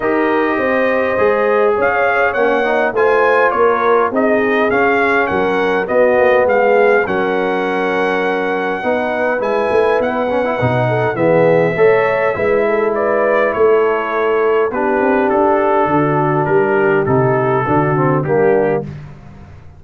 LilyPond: <<
  \new Staff \with { instrumentName = "trumpet" } { \time 4/4 \tempo 4 = 102 dis''2. f''4 | fis''4 gis''4 cis''4 dis''4 | f''4 fis''4 dis''4 f''4 | fis''1 |
gis''4 fis''2 e''4~ | e''2 d''4 cis''4~ | cis''4 b'4 a'2 | ais'4 a'2 g'4 | }
  \new Staff \with { instrumentName = "horn" } { \time 4/4 ais'4 c''2 cis''4~ | cis''4 c''4 ais'4 gis'4~ | gis'4 ais'4 fis'4 gis'4 | ais'2. b'4~ |
b'2~ b'8 a'8 gis'4 | cis''4 b'8 a'8 b'4 a'4~ | a'4 g'2 fis'4 | g'2 fis'4 d'4 | }
  \new Staff \with { instrumentName = "trombone" } { \time 4/4 g'2 gis'2 | cis'8 dis'8 f'2 dis'4 | cis'2 b2 | cis'2. dis'4 |
e'4. cis'16 e'16 dis'4 b4 | a'4 e'2.~ | e'4 d'2.~ | d'4 dis'4 d'8 c'8 ais4 | }
  \new Staff \with { instrumentName = "tuba" } { \time 4/4 dis'4 c'4 gis4 cis'4 | ais4 a4 ais4 c'4 | cis'4 fis4 b8 ais8 gis4 | fis2. b4 |
gis8 a8 b4 b,4 e4 | a4 gis2 a4~ | a4 b8 c'8 d'4 d4 | g4 c4 d4 g4 | }
>>